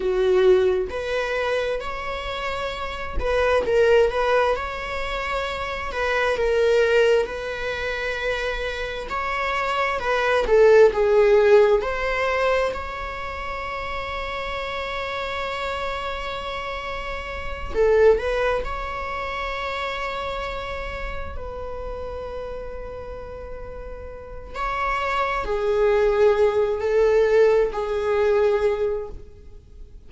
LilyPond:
\new Staff \with { instrumentName = "viola" } { \time 4/4 \tempo 4 = 66 fis'4 b'4 cis''4. b'8 | ais'8 b'8 cis''4. b'8 ais'4 | b'2 cis''4 b'8 a'8 | gis'4 c''4 cis''2~ |
cis''2.~ cis''8 a'8 | b'8 cis''2. b'8~ | b'2. cis''4 | gis'4. a'4 gis'4. | }